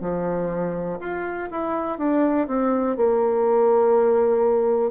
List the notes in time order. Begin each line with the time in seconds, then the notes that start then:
0.00 F3
1.00 F4
1.51 E4
1.98 D4
2.47 C4
2.96 A#3